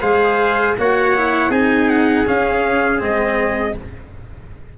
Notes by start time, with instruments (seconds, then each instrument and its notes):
0.00 tuba G#3, cello G#4, trumpet C5 F5
0.77 tuba A#3, cello F#4, trumpet C#5 F#5
1.15 cello E4
1.49 tuba C4, cello D#4, trumpet G#4 G#5
1.89 trumpet F#5
2.26 cello C#4, tuba C#4, trumpet F5
2.98 tuba G#3, cello C4, trumpet D#5